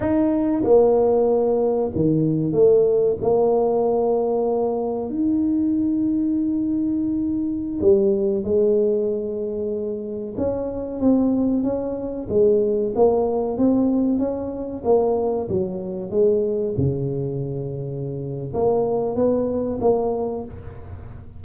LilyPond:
\new Staff \with { instrumentName = "tuba" } { \time 4/4 \tempo 4 = 94 dis'4 ais2 dis4 | a4 ais2. | dis'1~ | dis'16 g4 gis2~ gis8.~ |
gis16 cis'4 c'4 cis'4 gis8.~ | gis16 ais4 c'4 cis'4 ais8.~ | ais16 fis4 gis4 cis4.~ cis16~ | cis4 ais4 b4 ais4 | }